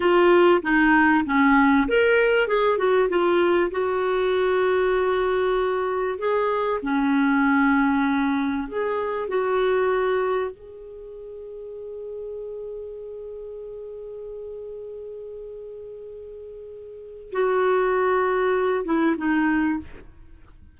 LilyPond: \new Staff \with { instrumentName = "clarinet" } { \time 4/4 \tempo 4 = 97 f'4 dis'4 cis'4 ais'4 | gis'8 fis'8 f'4 fis'2~ | fis'2 gis'4 cis'4~ | cis'2 gis'4 fis'4~ |
fis'4 gis'2.~ | gis'1~ | gis'1 | fis'2~ fis'8 e'8 dis'4 | }